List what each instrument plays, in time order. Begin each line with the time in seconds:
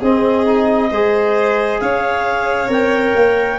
0.00 tuba C4, trombone C4, violin G#4, clarinet D#5
0.45 trombone D#4
0.90 tuba G#3, trombone G#4, violin C5
1.80 tuba C#4, violin C#5, clarinet F5
2.67 tuba C4, trombone A#4, clarinet G5
3.15 tuba A#3